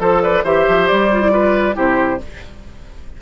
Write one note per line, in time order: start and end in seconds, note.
0.00 0.44 F3
0.00 0.22 A4
0.00 0.45 A4
0.00 0.22 C5
0.22 0.44 B4
0.22 0.44 D5
0.44 0.67 E3
0.44 1.12 G4
0.44 1.32 C5
0.44 0.88 E5
0.69 0.91 F3
0.88 1.77 G3
0.88 1.76 D5
1.13 1.22 F4
1.22 1.31 E4
1.31 1.74 F4
1.31 1.76 B4
1.74 2.21 C3
1.74 2.18 E4
1.74 2.20 G4
1.74 2.22 C5